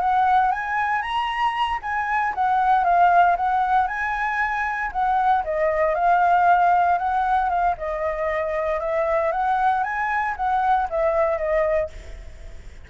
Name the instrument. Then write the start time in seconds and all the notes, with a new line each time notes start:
flute
0.00 F#5
0.51 G#5
1.02 A#5
1.82 G#5
2.34 F#5
2.84 F5
3.36 F#5
3.87 G#5
4.92 F#5
5.44 D#5
5.94 F5
6.98 F#5
7.49 F5
7.77 D#5
8.80 E5
9.32 F#5
9.83 G#5
10.36 F#5
10.90 E5
11.38 D#5